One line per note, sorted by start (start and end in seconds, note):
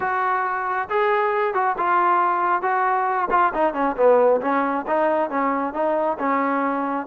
0.00 0.88 F#4
0.89 1.53 G#4
1.53 1.75 F#4
1.77 2.62 F4
2.62 3.28 F#4
3.30 3.52 F4
3.54 3.73 D#4
3.73 3.95 C#4
3.96 4.41 B3
4.41 4.85 C#4
4.87 5.30 D#4
5.30 5.73 C#4
5.73 6.17 D#4
6.18 7.06 C#4